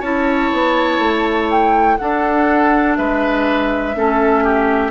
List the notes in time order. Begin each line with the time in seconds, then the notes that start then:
0.00 C#4 E4 C#5 A5
0.52 B3
0.99 A3
1.50 G5
1.97 D4 A4 F#5
2.96 G#3 B4 E5
3.95 A3 C#4 A4
4.44 G4